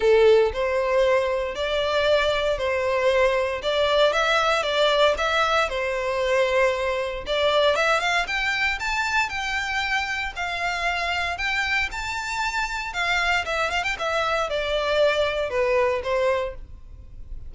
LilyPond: \new Staff \with { instrumentName = "violin" } { \time 4/4 \tempo 4 = 116 a'4 c''2 d''4~ | d''4 c''2 d''4 | e''4 d''4 e''4 c''4~ | c''2 d''4 e''8 f''8 |
g''4 a''4 g''2 | f''2 g''4 a''4~ | a''4 f''4 e''8 f''16 g''16 e''4 | d''2 b'4 c''4 | }